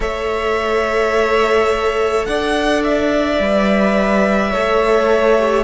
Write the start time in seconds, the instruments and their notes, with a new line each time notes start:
0.00 cello A3, viola A4, violin C#5 E5
2.25 cello D4, violin D5 F#5
2.83 violin E5
3.39 cello G3, viola B4
4.51 cello A3, viola A4, violin C#5
5.38 viola G4